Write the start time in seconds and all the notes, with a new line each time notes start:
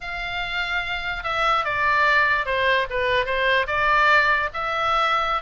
0.00 F5
1.23 E5
1.64 D5
2.45 C5
2.90 B4
3.25 C5
3.67 D5
4.53 E5